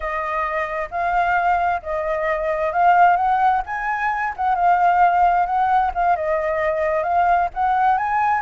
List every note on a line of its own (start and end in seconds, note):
0.00 0.89 D#5
0.90 1.81 F5
1.82 2.72 D#5
2.72 3.16 F5
3.16 3.62 F#5
3.65 4.34 G#5
4.36 4.55 F#5
4.55 5.45 F5
5.45 5.91 F#5
5.94 6.15 F5
6.15 7.03 D#5
7.03 7.48 F5
7.54 7.97 F#5
7.97 8.41 G#5